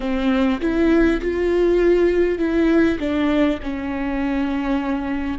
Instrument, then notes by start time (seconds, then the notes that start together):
viola
0.00 C4
0.61 E4
1.21 F4
2.38 E4
2.99 D4
3.62 C#4